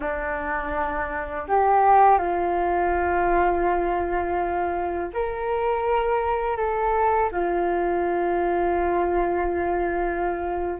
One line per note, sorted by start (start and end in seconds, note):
0.00 1.46 D4
1.47 2.18 G4
2.18 5.11 F4
5.13 6.57 A#4
6.57 7.30 A4
7.31 10.79 F4